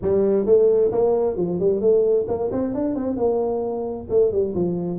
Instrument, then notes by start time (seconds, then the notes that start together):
tuba
0.01 G3
0.45 A3
0.91 A#3
1.36 F3
1.59 G3
1.81 A3
2.27 A#3
2.51 C4
2.74 D4
2.95 C4
3.16 A#3
4.09 A3
4.31 G3
4.55 F3